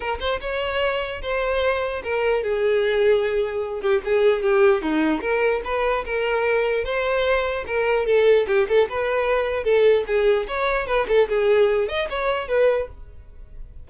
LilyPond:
\new Staff \with { instrumentName = "violin" } { \time 4/4 \tempo 4 = 149 ais'8 c''8 cis''2 c''4~ | c''4 ais'4 gis'2~ | gis'4. g'8 gis'4 g'4 | dis'4 ais'4 b'4 ais'4~ |
ais'4 c''2 ais'4 | a'4 g'8 a'8 b'2 | a'4 gis'4 cis''4 b'8 a'8 | gis'4. dis''8 cis''4 b'4 | }